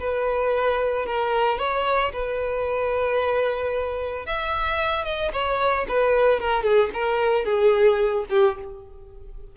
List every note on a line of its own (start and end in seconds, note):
0.00 1.06 B4
1.06 1.59 A#4
1.59 2.12 C#5
2.13 4.26 B4
4.26 5.05 E5
5.05 5.32 D#5
5.33 5.87 C#5
5.89 6.40 B4
6.40 6.64 A#4
6.64 6.90 G#4
6.94 7.45 A#4
7.45 8.25 G#4
8.30 8.56 G4